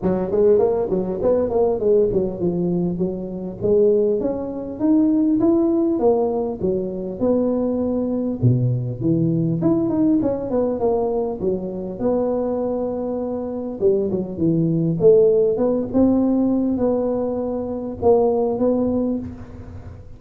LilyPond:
\new Staff \with { instrumentName = "tuba" } { \time 4/4 \tempo 4 = 100 fis8 gis8 ais8 fis8 b8 ais8 gis8 fis8 | f4 fis4 gis4 cis'4 | dis'4 e'4 ais4 fis4 | b2 b,4 e4 |
e'8 dis'8 cis'8 b8 ais4 fis4 | b2. g8 fis8 | e4 a4 b8 c'4. | b2 ais4 b4 | }